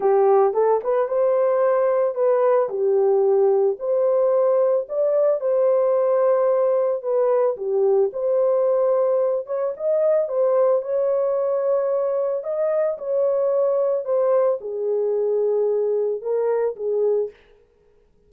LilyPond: \new Staff \with { instrumentName = "horn" } { \time 4/4 \tempo 4 = 111 g'4 a'8 b'8 c''2 | b'4 g'2 c''4~ | c''4 d''4 c''2~ | c''4 b'4 g'4 c''4~ |
c''4. cis''8 dis''4 c''4 | cis''2. dis''4 | cis''2 c''4 gis'4~ | gis'2 ais'4 gis'4 | }